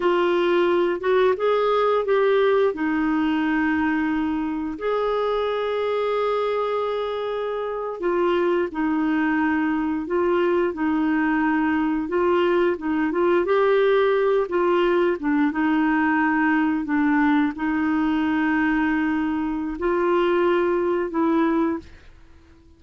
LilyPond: \new Staff \with { instrumentName = "clarinet" } { \time 4/4 \tempo 4 = 88 f'4. fis'8 gis'4 g'4 | dis'2. gis'4~ | gis'2.~ gis'8. f'16~ | f'8. dis'2 f'4 dis'16~ |
dis'4.~ dis'16 f'4 dis'8 f'8 g'16~ | g'4~ g'16 f'4 d'8 dis'4~ dis'16~ | dis'8. d'4 dis'2~ dis'16~ | dis'4 f'2 e'4 | }